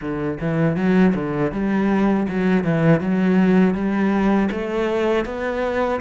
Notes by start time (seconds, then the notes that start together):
0.01 D3
0.40 E3
0.76 F#3
1.15 D3
1.52 G3
2.28 F#3
2.64 E3
3.00 F#3
3.74 G3
4.51 A3
5.25 B3